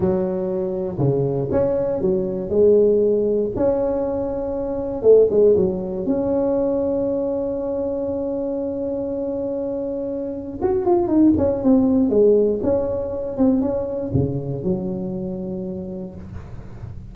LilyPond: \new Staff \with { instrumentName = "tuba" } { \time 4/4 \tempo 4 = 119 fis2 cis4 cis'4 | fis4 gis2 cis'4~ | cis'2 a8 gis8 fis4 | cis'1~ |
cis'1~ | cis'4 fis'8 f'8 dis'8 cis'8 c'4 | gis4 cis'4. c'8 cis'4 | cis4 fis2. | }